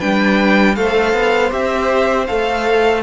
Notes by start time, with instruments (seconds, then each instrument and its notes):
0.00 cello G3, viola D4, violin B4 G5
0.76 cello A3, viola A4, violin C5 F5
1.14 cello B3
1.50 cello C4, viola G4, violin E5
2.28 cello A3, viola A4, violin F5